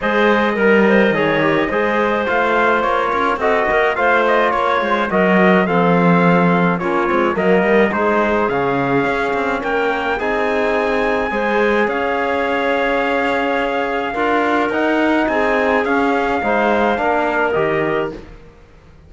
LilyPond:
<<
  \new Staff \with { instrumentName = "trumpet" } { \time 4/4 \tempo 4 = 106 dis''1 | f''4 cis''4 dis''4 f''8 dis''8 | cis''8 c''8 dis''4 f''2 | cis''4 dis''4 c''4 f''4~ |
f''4 g''4 gis''2~ | gis''4 f''2.~ | f''2 fis''4 gis''4 | f''2. dis''4 | }
  \new Staff \with { instrumentName = "clarinet" } { \time 4/4 c''4 ais'8 c''8 cis''4 c''4~ | c''4. ais'8 a'8 ais'8 c''4 | cis''4 ais'4 a'2 | f'4 ais'4 gis'2~ |
gis'4 ais'4 gis'2 | c''4 cis''2.~ | cis''4 ais'2 gis'4~ | gis'4 c''4 ais'2 | }
  \new Staff \with { instrumentName = "trombone" } { \time 4/4 gis'4 ais'4 gis'8 g'8 gis'4 | f'2 fis'4 f'4~ | f'4 fis'4 c'2 | cis'8 c'8 ais4 dis'4 cis'4~ |
cis'2 dis'2 | gis'1~ | gis'4 f'4 dis'2 | cis'4 dis'4 d'4 g'4 | }
  \new Staff \with { instrumentName = "cello" } { \time 4/4 gis4 g4 dis4 gis4 | a4 ais8 cis'8 c'8 ais8 a4 | ais8 gis8 fis4 f2 | ais8 gis8 fis8 g8 gis4 cis4 |
cis'8 c'8 ais4 c'2 | gis4 cis'2.~ | cis'4 d'4 dis'4 c'4 | cis'4 gis4 ais4 dis4 | }
>>